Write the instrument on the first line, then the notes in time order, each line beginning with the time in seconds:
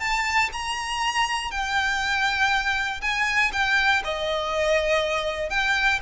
violin
0.00 A5
0.53 A#5
1.51 G5
3.02 G#5
3.53 G5
4.04 D#5
5.50 G5